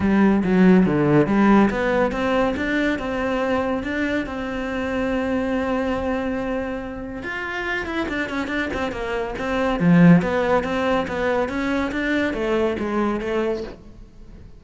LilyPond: \new Staff \with { instrumentName = "cello" } { \time 4/4 \tempo 4 = 141 g4 fis4 d4 g4 | b4 c'4 d'4 c'4~ | c'4 d'4 c'2~ | c'1~ |
c'4 f'4. e'8 d'8 cis'8 | d'8 c'8 ais4 c'4 f4 | b4 c'4 b4 cis'4 | d'4 a4 gis4 a4 | }